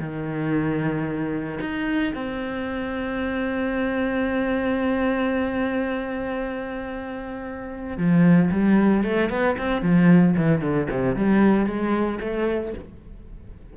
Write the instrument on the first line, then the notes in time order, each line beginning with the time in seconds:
cello
0.00 D#3
1.61 D#4
2.15 C4
7.98 F3
8.51 G3
9.04 A3
9.30 B3
9.58 C4
9.82 F3
10.37 E3
10.61 D3
10.91 C3
11.16 G3
11.66 G#3
12.21 A3